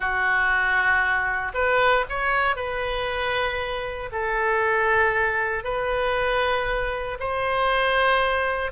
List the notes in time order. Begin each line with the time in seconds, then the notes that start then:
0.00 F#4
1.54 B4
2.09 C#5
2.56 B4
4.12 A4
5.64 B4
7.19 C5